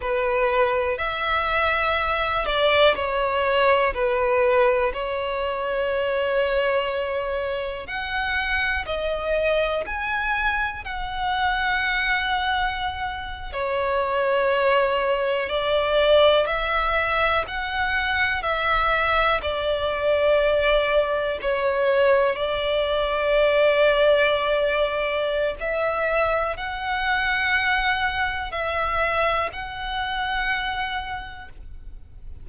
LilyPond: \new Staff \with { instrumentName = "violin" } { \time 4/4 \tempo 4 = 61 b'4 e''4. d''8 cis''4 | b'4 cis''2. | fis''4 dis''4 gis''4 fis''4~ | fis''4.~ fis''16 cis''2 d''16~ |
d''8. e''4 fis''4 e''4 d''16~ | d''4.~ d''16 cis''4 d''4~ d''16~ | d''2 e''4 fis''4~ | fis''4 e''4 fis''2 | }